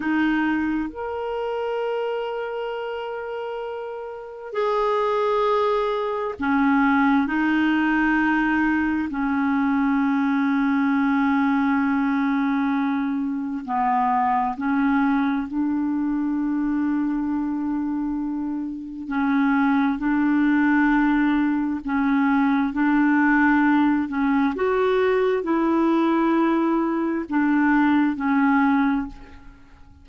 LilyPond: \new Staff \with { instrumentName = "clarinet" } { \time 4/4 \tempo 4 = 66 dis'4 ais'2.~ | ais'4 gis'2 cis'4 | dis'2 cis'2~ | cis'2. b4 |
cis'4 d'2.~ | d'4 cis'4 d'2 | cis'4 d'4. cis'8 fis'4 | e'2 d'4 cis'4 | }